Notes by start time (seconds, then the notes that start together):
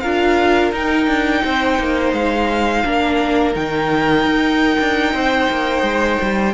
0.00 D4 F4 A#4 F5
0.72 D#4 G5
1.07 D4
1.44 C4 C5
1.79 A#3
2.13 G#3 F5
2.84 A#3 D4 A#4
3.54 D#3 D#4 G5
4.25 D#4
4.79 D4
5.13 C4 C5
5.50 A#3
5.82 G#3
6.22 G3